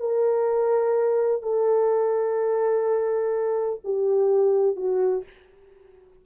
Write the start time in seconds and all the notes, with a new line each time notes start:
0.00 A#4
1.42 A4
3.84 G4
4.76 F#4